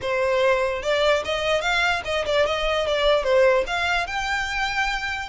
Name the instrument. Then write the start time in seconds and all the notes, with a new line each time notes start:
violin
0.01 C5
0.82 D5
1.24 D#5
1.61 F5
2.04 D#5
2.25 D5
2.45 D#5
2.86 D5
3.23 C5
3.67 F5
4.06 G5